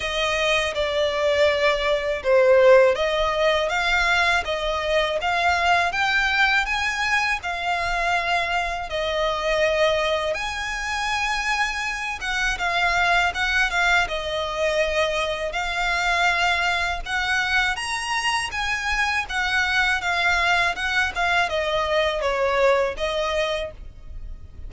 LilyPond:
\new Staff \with { instrumentName = "violin" } { \time 4/4 \tempo 4 = 81 dis''4 d''2 c''4 | dis''4 f''4 dis''4 f''4 | g''4 gis''4 f''2 | dis''2 gis''2~ |
gis''8 fis''8 f''4 fis''8 f''8 dis''4~ | dis''4 f''2 fis''4 | ais''4 gis''4 fis''4 f''4 | fis''8 f''8 dis''4 cis''4 dis''4 | }